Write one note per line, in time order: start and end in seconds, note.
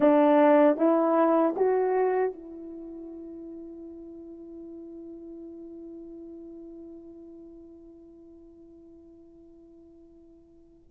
0.00 0.77 D4
0.77 1.54 E4
1.56 2.32 F#4
2.32 10.89 E4